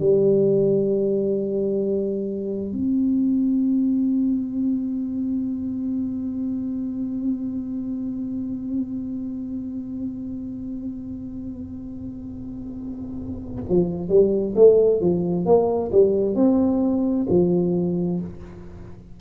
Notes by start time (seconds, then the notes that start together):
0.00 G3
2.72 C4
13.69 F3
14.09 G3
14.56 A3
15.01 F3
15.46 A#3
15.92 G3
16.36 C4
17.30 F3